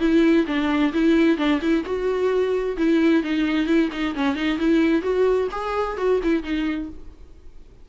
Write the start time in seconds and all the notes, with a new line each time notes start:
0.00 E4
0.47 D4
0.93 E4
1.38 D4
1.61 E4
1.85 F#4
2.78 E4
3.23 D#4
3.66 E4
3.92 D#4
4.15 C#4
4.36 D#4
4.59 E4
5.02 F#4
5.51 G#4
5.98 F#4
6.24 E4
6.43 D#4